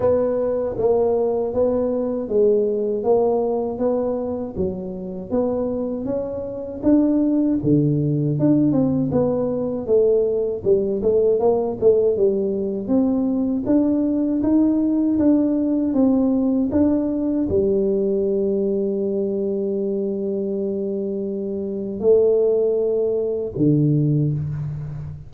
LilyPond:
\new Staff \with { instrumentName = "tuba" } { \time 4/4 \tempo 4 = 79 b4 ais4 b4 gis4 | ais4 b4 fis4 b4 | cis'4 d'4 d4 d'8 c'8 | b4 a4 g8 a8 ais8 a8 |
g4 c'4 d'4 dis'4 | d'4 c'4 d'4 g4~ | g1~ | g4 a2 d4 | }